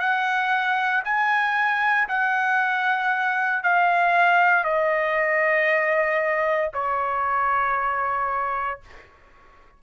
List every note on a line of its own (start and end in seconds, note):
0.00 1.03 F#5
1.04 2.08 G#5
2.08 3.63 F#5
3.63 4.64 F5
4.64 6.71 D#5
6.73 8.80 C#5